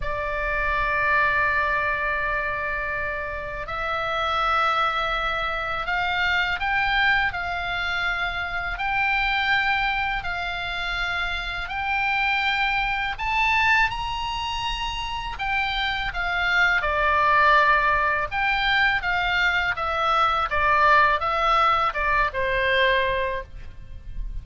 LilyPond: \new Staff \with { instrumentName = "oboe" } { \time 4/4 \tempo 4 = 82 d''1~ | d''4 e''2. | f''4 g''4 f''2 | g''2 f''2 |
g''2 a''4 ais''4~ | ais''4 g''4 f''4 d''4~ | d''4 g''4 f''4 e''4 | d''4 e''4 d''8 c''4. | }